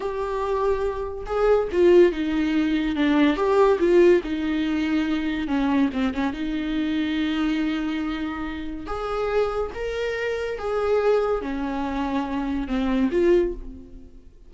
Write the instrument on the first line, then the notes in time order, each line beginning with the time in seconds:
viola
0.00 G4
1.26 G#4
1.72 F4
2.12 D#4
2.95 D4
3.36 G4
3.79 F4
4.23 D#4
5.47 C#4
5.93 C4
6.13 C#4
6.33 D#4
8.86 G#4
9.74 A#4
10.58 G#4
11.41 C#4
12.67 C4
13.11 F4